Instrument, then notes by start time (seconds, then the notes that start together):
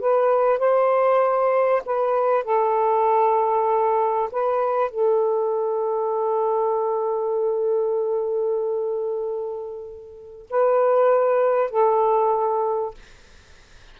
saxophone
0.00 B4
0.58 C5
1.85 B4
2.44 A4
4.32 B4
4.90 A4
10.50 B4
11.70 A4